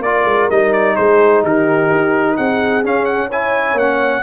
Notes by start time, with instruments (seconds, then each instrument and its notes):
0.00 tuba A#3, trombone F4, horn A#4, trumpet D5
0.25 tuba G#3
0.50 tuba G3, trombone D#4, trumpet D#5
0.73 trumpet D5
0.96 tuba G#3, horn G#4, trumpet C5
1.42 tuba D#3, horn G4, trumpet A#4
1.91 tuba D#4
2.37 tuba C4, horn G#4, trumpet F#5
2.84 trombone C#4, tuba C#4, trumpet F5
3.05 trumpet F#5
3.27 trombone E4, horn C#5, trumpet G#5
3.74 tuba A#3, trumpet F#5
3.80 trombone C#4